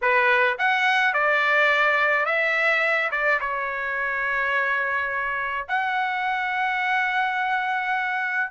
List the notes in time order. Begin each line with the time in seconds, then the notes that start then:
0.01 B4
0.58 F#5
1.13 D5
2.25 E5
3.11 D5
3.40 C#5
5.68 F#5